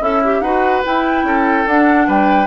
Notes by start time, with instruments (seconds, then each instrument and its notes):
0.00 bassoon C#4, oboe E4, clarinet A4, flute E5
0.25 clarinet G4
0.41 bassoon D#4, clarinet F#4, oboe B4, flute F#5
0.84 clarinet E4, bassoon E4, flute G5
1.24 bassoon C#4, oboe A4
1.67 bassoon D4, clarinet D4, flute F#5
2.08 bassoon G3, oboe B4, flute G5